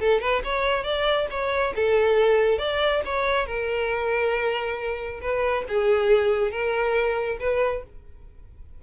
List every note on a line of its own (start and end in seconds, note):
0.00 0.21 A4
0.21 0.42 B4
0.44 0.84 C#5
0.84 1.27 D5
1.30 1.74 C#5
1.75 2.58 A4
2.58 3.02 D5
3.05 3.46 C#5
3.46 5.20 A#4
5.21 5.65 B4
5.68 6.51 G#4
6.51 7.38 A#4
7.40 7.83 B4